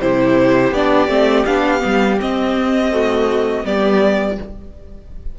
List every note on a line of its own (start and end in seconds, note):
0.00 0.71 C3
0.00 0.74 E4
0.00 2.92 G4
0.00 0.73 C5
0.71 1.07 B3
0.71 1.08 D4
0.71 1.45 D5
1.07 1.44 A3
1.07 1.45 C4
1.45 1.82 B3
1.45 1.80 D4
1.45 2.18 F5
1.80 2.21 G3
1.80 2.17 B3
2.20 2.92 C4
2.20 3.64 C4
2.20 3.65 D#5
2.92 3.64 A3
2.92 3.65 F#4
3.64 4.37 G3
3.64 4.37 B3
3.64 4.38 G4
3.64 4.38 D5